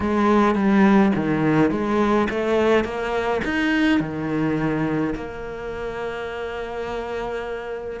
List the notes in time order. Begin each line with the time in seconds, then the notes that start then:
0.00 G#3
0.55 G3
1.15 D#3
1.71 G#3
2.30 A3
2.84 A#3
3.44 D#4
3.99 D#3
5.15 A#3